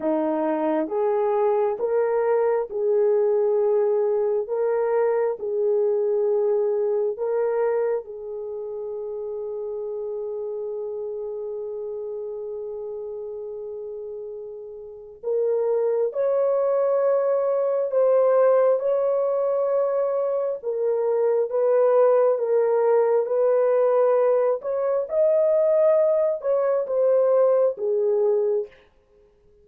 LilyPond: \new Staff \with { instrumentName = "horn" } { \time 4/4 \tempo 4 = 67 dis'4 gis'4 ais'4 gis'4~ | gis'4 ais'4 gis'2 | ais'4 gis'2.~ | gis'1~ |
gis'4 ais'4 cis''2 | c''4 cis''2 ais'4 | b'4 ais'4 b'4. cis''8 | dis''4. cis''8 c''4 gis'4 | }